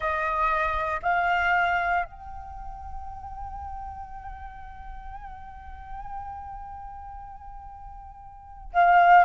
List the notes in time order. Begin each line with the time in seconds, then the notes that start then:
0.00 D#5
1.02 F5
2.04 G5
8.73 F5